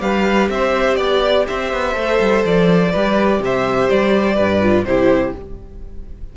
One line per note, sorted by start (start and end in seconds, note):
0.00 0.48 G3
0.00 1.93 G4
0.00 0.50 B4
0.00 0.48 F5
0.48 0.97 C4
0.48 0.97 C5
0.48 0.95 E5
0.95 1.45 B3
0.95 1.44 D5
0.95 1.46 D5
1.47 1.72 C4
1.47 2.91 C5
1.47 2.44 E5
1.72 1.95 B3
1.93 2.19 A3
1.93 2.90 A4
2.20 2.44 G3
2.44 2.93 F3
2.44 3.42 D5
2.91 3.39 G3
2.91 4.61 G4
2.91 3.40 B4
3.39 3.87 C3
3.39 4.35 C5
3.39 3.89 E5
3.89 4.39 G3
3.89 4.84 D5
4.35 4.83 G2
4.35 4.84 B4
4.61 4.85 F4
4.83 5.32 C3
4.83 5.35 E4
4.83 5.36 G4
4.83 5.32 C5